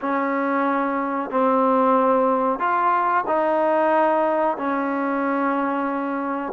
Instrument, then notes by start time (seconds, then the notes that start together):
trombone
0.01 C#4
1.30 C4
2.59 F4
3.27 D#4
4.57 C#4